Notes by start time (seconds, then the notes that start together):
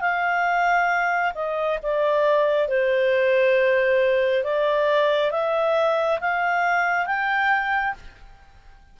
0.00 F5
1.34 D#5
1.82 D5
2.68 C5
4.44 D5
5.31 E5
6.20 F5
7.06 G5